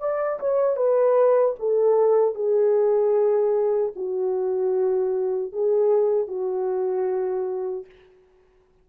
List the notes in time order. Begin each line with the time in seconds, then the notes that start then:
0.00 D5
0.40 C#5
0.77 B4
1.60 A4
2.35 G#4
3.96 F#4
5.53 G#4
6.28 F#4